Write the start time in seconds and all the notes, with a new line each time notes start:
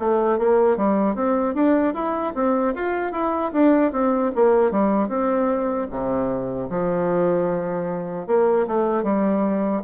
0.00 A3
0.39 A#3
0.77 G3
1.16 C4
1.55 D4
1.94 E4
2.35 C4
2.75 F4
3.13 E4
3.53 D4
3.93 C4
4.36 A#3
4.72 G3
5.09 C4
5.91 C3
6.70 F3
8.27 A#3
8.68 A3
9.04 G3